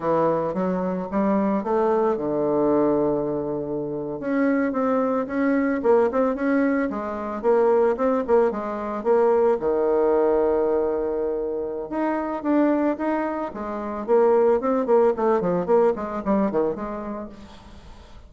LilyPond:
\new Staff \with { instrumentName = "bassoon" } { \time 4/4 \tempo 4 = 111 e4 fis4 g4 a4 | d2.~ d8. cis'16~ | cis'8. c'4 cis'4 ais8 c'8 cis'16~ | cis'8. gis4 ais4 c'8 ais8 gis16~ |
gis8. ais4 dis2~ dis16~ | dis2 dis'4 d'4 | dis'4 gis4 ais4 c'8 ais8 | a8 f8 ais8 gis8 g8 dis8 gis4 | }